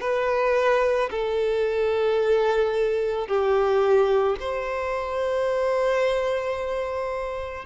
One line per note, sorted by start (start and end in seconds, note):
0.00 1.09 B4
1.11 3.27 A4
3.27 4.36 G4
4.40 7.65 C5